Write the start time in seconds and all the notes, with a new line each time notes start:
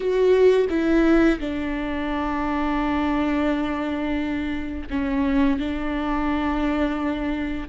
0.00 F#4
0.69 E4
1.39 D4
4.90 C#4
5.59 D4